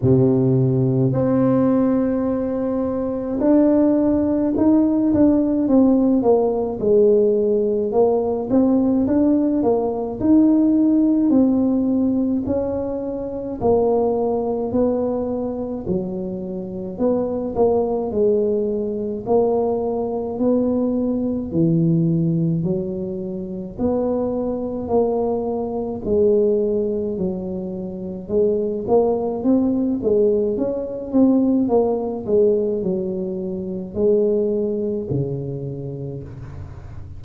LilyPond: \new Staff \with { instrumentName = "tuba" } { \time 4/4 \tempo 4 = 53 c4 c'2 d'4 | dis'8 d'8 c'8 ais8 gis4 ais8 c'8 | d'8 ais8 dis'4 c'4 cis'4 | ais4 b4 fis4 b8 ais8 |
gis4 ais4 b4 e4 | fis4 b4 ais4 gis4 | fis4 gis8 ais8 c'8 gis8 cis'8 c'8 | ais8 gis8 fis4 gis4 cis4 | }